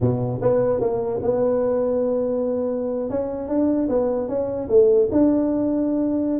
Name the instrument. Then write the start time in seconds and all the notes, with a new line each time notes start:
tuba
0.01 B2
0.41 B3
0.80 A#3
1.22 B3
3.10 C#4
3.48 D4
3.89 B3
4.28 C#4
4.69 A3
5.11 D4